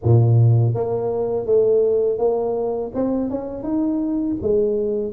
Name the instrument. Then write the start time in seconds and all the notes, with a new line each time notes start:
tuba
0.03 A#2
0.74 A#3
1.45 A3
2.18 A#3
2.94 C4
3.29 C#4
3.63 D#4
4.42 G#3